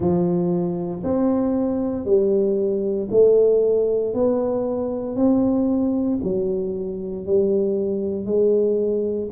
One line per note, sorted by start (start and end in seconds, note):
0.00 1.02 F3
1.03 2.05 C4
2.05 3.08 G3
3.10 4.14 A3
4.14 5.15 B3
5.15 6.19 C4
6.23 7.26 F#3
7.26 8.25 G3
8.25 9.29 G#3